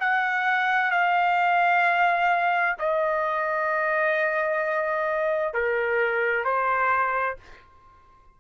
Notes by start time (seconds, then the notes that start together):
0.00 F#5
0.91 F5
2.79 D#5
5.54 A#4
6.44 C5